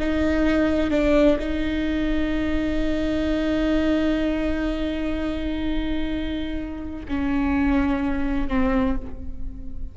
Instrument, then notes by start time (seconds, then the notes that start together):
viola
0.00 D#4
0.91 D4
1.39 D#4
7.09 C#4
8.49 C4